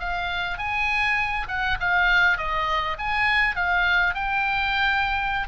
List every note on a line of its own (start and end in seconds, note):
0.00 0.58 F5
0.58 1.47 G#5
1.49 1.78 F#5
1.80 2.38 F5
2.38 2.98 D#5
2.99 3.56 G#5
3.56 4.15 F5
4.15 5.48 G5